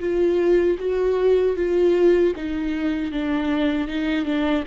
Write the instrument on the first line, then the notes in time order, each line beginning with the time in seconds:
viola
0.00 F4
0.79 F#4
1.56 F4
2.36 D#4
3.12 D4
3.88 D#4
4.25 D4